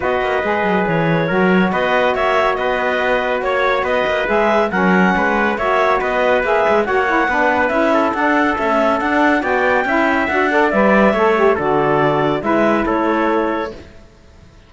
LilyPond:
<<
  \new Staff \with { instrumentName = "clarinet" } { \time 4/4 \tempo 4 = 140 dis''2 cis''2 | dis''4 e''4 dis''2 | cis''4 dis''4 e''4 fis''4~ | fis''4 e''4 dis''4 e''4 |
fis''2 e''4 fis''4 | e''4 fis''4 g''2 | fis''4 e''2 d''4~ | d''4 e''4 cis''2 | }
  \new Staff \with { instrumentName = "trumpet" } { \time 4/4 b'2. ais'4 | b'4 cis''4 b'2 | cis''4 b'2 ais'4 | b'4 cis''4 b'2 |
cis''4 b'4. a'4.~ | a'2 d''4 e''4~ | e''8 d''4. cis''4 a'4~ | a'4 b'4 a'2 | }
  \new Staff \with { instrumentName = "saxophone" } { \time 4/4 fis'4 gis'2 fis'4~ | fis'1~ | fis'2 gis'4 cis'4~ | cis'4 fis'2 gis'4 |
fis'8 e'8 d'4 e'4 d'4 | a4 d'4 fis'4 e'4 | fis'8 a'8 b'4 a'8 g'8 fis'4~ | fis'4 e'2. | }
  \new Staff \with { instrumentName = "cello" } { \time 4/4 b8 ais8 gis8 fis8 e4 fis4 | b4 ais4 b2 | ais4 b8 ais8 gis4 fis4 | gis4 ais4 b4 ais8 gis8 |
ais4 b4 cis'4 d'4 | cis'4 d'4 b4 cis'4 | d'4 g4 a4 d4~ | d4 gis4 a2 | }
>>